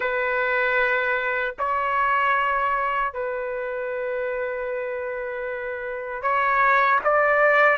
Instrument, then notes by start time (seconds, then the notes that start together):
trumpet
0.00 B4
1.58 C#5
3.13 B4
6.21 C#5
7.03 D5